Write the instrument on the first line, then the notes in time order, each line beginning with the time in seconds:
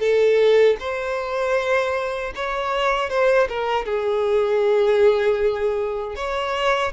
violin
0.00 A4
0.80 C5
2.36 C#5
3.10 C5
3.49 A#4
3.85 G#4
6.16 C#5